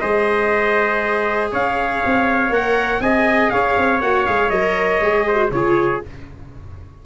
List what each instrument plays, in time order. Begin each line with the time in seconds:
0.00 tuba G#3, viola G#4, trumpet C5 D#5
1.52 tuba C#4, trumpet C#5 F5
2.05 tuba C4
2.49 tuba A#3, viola A#4, trumpet F#5
3.00 tuba C4, viola G#4, trumpet D#5 G#5
3.50 tuba C#4, trumpet C#5 F5
3.77 tuba C4
4.01 tuba A#3, viola F#4, trumpet F#5
4.26 tuba G#3, viola G#4, trumpet F5
4.49 tuba F#3, viola A#4, trumpet D#5
5.00 tuba G#3, viola G#4
5.27 trumpet C5
5.36 viola F#4
5.51 tuba C#3, viola F4, trumpet G#4 C#5